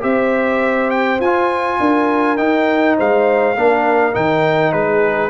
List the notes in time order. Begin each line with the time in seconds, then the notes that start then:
0.00 C4 G4 C5 E5
0.90 G5
1.20 F4 G#5
1.79 D4 A#4
2.37 D#4 G5
2.96 G#3 C5 F5
3.54 A#3 D4 A#4
4.12 D#3 D#4 G5
4.72 G#3 G#4 B4